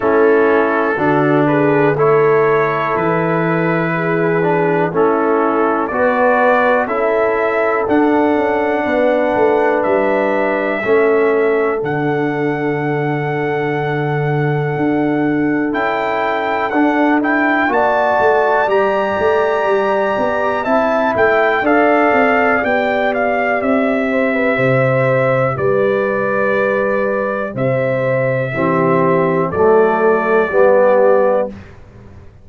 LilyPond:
<<
  \new Staff \with { instrumentName = "trumpet" } { \time 4/4 \tempo 4 = 61 a'4. b'8 cis''4 b'4~ | b'4 a'4 d''4 e''4 | fis''2 e''2 | fis''1 |
g''4 fis''8 g''8 a''4 ais''4~ | ais''4 a''8 g''8 f''4 g''8 f''8 | e''2 d''2 | e''2 d''2 | }
  \new Staff \with { instrumentName = "horn" } { \time 4/4 e'4 fis'8 gis'8 a'2 | gis'4 e'4 b'4 a'4~ | a'4 b'2 a'4~ | a'1~ |
a'2 d''2~ | d''4 e''4 d''2~ | d''8 c''16 b'16 c''4 b'2 | c''4 g'4 a'4 g'4 | }
  \new Staff \with { instrumentName = "trombone" } { \time 4/4 cis'4 d'4 e'2~ | e'8 d'8 cis'4 fis'4 e'4 | d'2. cis'4 | d'1 |
e'4 d'8 e'8 fis'4 g'4~ | g'4 e'4 a'4 g'4~ | g'1~ | g'4 c'4 a4 b4 | }
  \new Staff \with { instrumentName = "tuba" } { \time 4/4 a4 d4 a4 e4~ | e4 a4 b4 cis'4 | d'8 cis'8 b8 a8 g4 a4 | d2. d'4 |
cis'4 d'4 ais8 a8 g8 a8 | g8 b8 c'8 a8 d'8 c'8 b4 | c'4 c4 g2 | c4 e4 fis4 g4 | }
>>